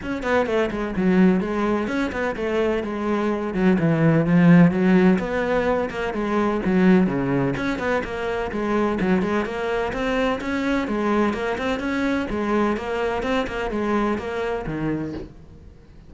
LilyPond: \new Staff \with { instrumentName = "cello" } { \time 4/4 \tempo 4 = 127 cis'8 b8 a8 gis8 fis4 gis4 | cis'8 b8 a4 gis4. fis8 | e4 f4 fis4 b4~ | b8 ais8 gis4 fis4 cis4 |
cis'8 b8 ais4 gis4 fis8 gis8 | ais4 c'4 cis'4 gis4 | ais8 c'8 cis'4 gis4 ais4 | c'8 ais8 gis4 ais4 dis4 | }